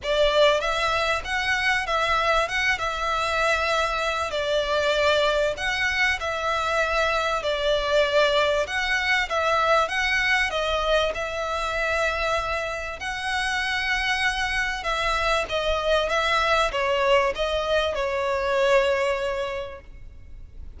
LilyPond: \new Staff \with { instrumentName = "violin" } { \time 4/4 \tempo 4 = 97 d''4 e''4 fis''4 e''4 | fis''8 e''2~ e''8 d''4~ | d''4 fis''4 e''2 | d''2 fis''4 e''4 |
fis''4 dis''4 e''2~ | e''4 fis''2. | e''4 dis''4 e''4 cis''4 | dis''4 cis''2. | }